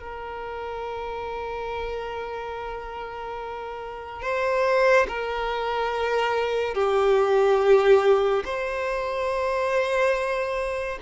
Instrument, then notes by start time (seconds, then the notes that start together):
violin
0.00 A#4
4.23 C5
5.09 A#4
6.75 G4
8.45 C5